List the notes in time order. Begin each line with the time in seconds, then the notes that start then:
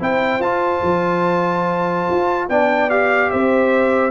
0.00 C4 E4 C5 G5
0.39 F4 A5
0.83 F3
2.10 F4
2.49 B3 D4 D5 G5
2.90 G4 F5
3.30 C4 C5 E5